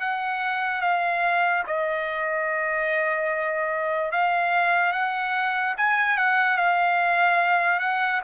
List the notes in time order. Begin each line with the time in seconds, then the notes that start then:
0.00 F#5
0.81 F5
1.67 D#5
4.12 F5
4.93 F#5
5.78 G#5
6.18 F#5
6.58 F5
7.80 F#5